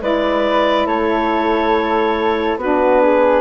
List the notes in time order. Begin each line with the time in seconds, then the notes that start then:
0.00 G#3 E4 B4 D5
0.86 A3 A4 C#5
2.56 B3 D4 F#4 B4
3.02 G#4